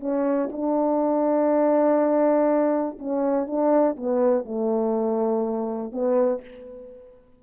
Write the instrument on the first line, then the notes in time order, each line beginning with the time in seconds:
horn
0.00 C#4
0.52 D4
2.99 C#4
3.47 D4
3.96 B3
4.45 A3
5.92 B3